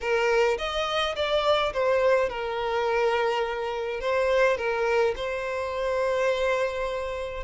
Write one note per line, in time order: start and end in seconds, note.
0.00 0.57 A#4
0.58 1.15 D#5
1.15 1.72 D5
1.73 2.29 C5
2.29 4.00 A#4
4.00 4.57 C5
4.57 5.14 A#4
5.16 7.43 C5